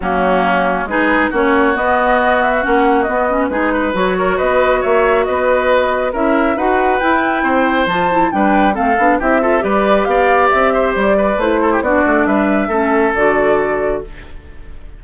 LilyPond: <<
  \new Staff \with { instrumentName = "flute" } { \time 4/4 \tempo 4 = 137 fis'2 b'4 cis''4 | dis''4. e''8 fis''4 dis''4 | b'4 cis''4 dis''4 e''4 | dis''2 e''4 fis''4 |
g''2 a''4 g''4 | f''4 e''4 d''4 f''4 | e''4 d''4 c''4 d''4 | e''2 d''2 | }
  \new Staff \with { instrumentName = "oboe" } { \time 4/4 cis'2 gis'4 fis'4~ | fis'1 | gis'8 b'4 ais'8 b'4 cis''4 | b'2 ais'4 b'4~ |
b'4 c''2 b'4 | a'4 g'8 a'8 b'4 d''4~ | d''8 c''4 b'4 a'16 g'16 fis'4 | b'4 a'2. | }
  \new Staff \with { instrumentName = "clarinet" } { \time 4/4 ais2 dis'4 cis'4 | b2 cis'4 b8 cis'8 | dis'4 fis'2.~ | fis'2 e'4 fis'4 |
e'2 f'8 e'8 d'4 | c'8 d'8 e'8 f'8 g'2~ | g'2 e'4 d'4~ | d'4 cis'4 fis'2 | }
  \new Staff \with { instrumentName = "bassoon" } { \time 4/4 fis2 gis4 ais4 | b2 ais4 b4 | gis4 fis4 b4 ais4 | b2 cis'4 dis'4 |
e'4 c'4 f4 g4 | a8 b8 c'4 g4 b4 | c'4 g4 a4 b8 a8 | g4 a4 d2 | }
>>